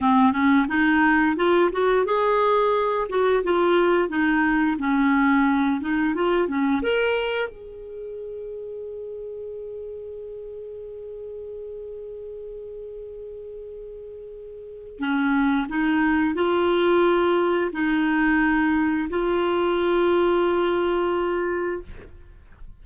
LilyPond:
\new Staff \with { instrumentName = "clarinet" } { \time 4/4 \tempo 4 = 88 c'8 cis'8 dis'4 f'8 fis'8 gis'4~ | gis'8 fis'8 f'4 dis'4 cis'4~ | cis'8 dis'8 f'8 cis'8 ais'4 gis'4~ | gis'1~ |
gis'1~ | gis'2 cis'4 dis'4 | f'2 dis'2 | f'1 | }